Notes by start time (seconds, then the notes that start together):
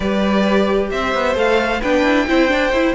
0.00 G3 G4 B4 D5
0.90 C4 C5 E5
1.14 B3
1.35 A3 A4 F5
1.80 B3 D4 B4 G5
2.03 E4
2.27 C4 E4 C5
2.48 D4
2.72 E4